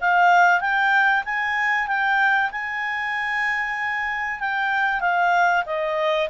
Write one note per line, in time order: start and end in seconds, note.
0.00 0.60 F5
0.60 1.23 G5
1.25 1.87 G#5
1.87 2.50 G5
2.51 4.39 G#5
4.39 5.00 G5
5.00 5.64 F5
5.66 6.29 D#5